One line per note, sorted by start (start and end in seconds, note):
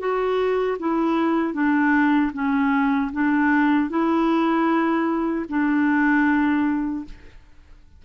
0.00 0.78 F#4
0.80 1.54 E4
1.54 2.32 D4
2.34 3.12 C#4
3.13 3.90 D4
3.90 5.46 E4
5.49 7.05 D4